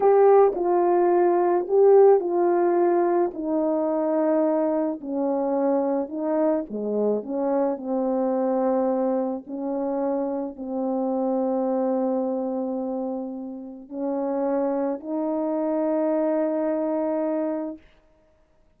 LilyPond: \new Staff \with { instrumentName = "horn" } { \time 4/4 \tempo 4 = 108 g'4 f'2 g'4 | f'2 dis'2~ | dis'4 cis'2 dis'4 | gis4 cis'4 c'2~ |
c'4 cis'2 c'4~ | c'1~ | c'4 cis'2 dis'4~ | dis'1 | }